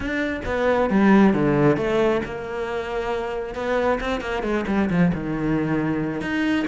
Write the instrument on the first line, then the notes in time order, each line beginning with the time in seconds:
cello
0.00 D4
0.45 B3
0.89 G3
1.33 D3
1.77 A3
2.25 A#3
3.55 B3
4.00 C4
4.20 A#3
4.42 G#3
4.67 G3
4.89 F3
5.14 D#3
6.21 D#4